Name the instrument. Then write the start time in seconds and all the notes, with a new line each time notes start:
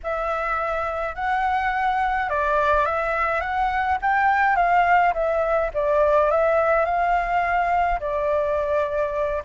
flute
0.03 E5
1.15 F#5
2.29 D5
2.85 E5
3.41 F#5
4.01 G5
4.56 F5
5.13 E5
5.74 D5
6.30 E5
6.85 F5
8.00 D5